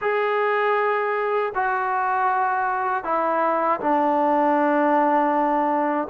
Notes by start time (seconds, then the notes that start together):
0.01 G#4
1.54 F#4
3.03 E4
3.80 D4